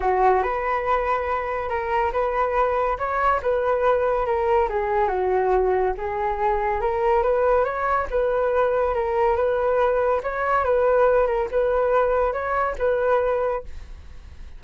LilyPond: \new Staff \with { instrumentName = "flute" } { \time 4/4 \tempo 4 = 141 fis'4 b'2. | ais'4 b'2 cis''4 | b'2 ais'4 gis'4 | fis'2 gis'2 |
ais'4 b'4 cis''4 b'4~ | b'4 ais'4 b'2 | cis''4 b'4. ais'8 b'4~ | b'4 cis''4 b'2 | }